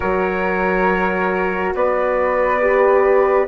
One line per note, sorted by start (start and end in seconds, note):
0.00 1.74 F#3
0.00 2.59 F#4
0.00 1.74 A#4
0.00 1.74 C#5
1.74 3.47 B3
1.74 3.47 B4
1.74 3.47 D5
2.61 3.47 G4